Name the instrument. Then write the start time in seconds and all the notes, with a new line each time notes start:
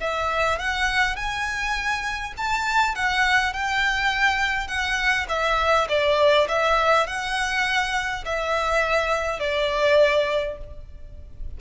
violin
0.00 E5
0.59 F#5
1.16 G#5
2.37 A5
2.95 F#5
3.53 G5
4.68 F#5
5.29 E5
5.89 D5
6.49 E5
7.07 F#5
8.25 E5
9.40 D5